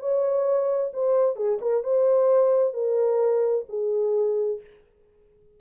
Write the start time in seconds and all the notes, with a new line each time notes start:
0.00 C#5
0.94 C5
1.36 G#4
1.62 A#4
1.84 C5
2.74 A#4
3.69 G#4